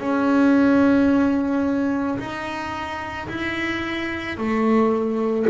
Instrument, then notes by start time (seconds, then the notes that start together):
double bass
0.00 C#4
2.19 D#4
3.28 E4
4.37 A3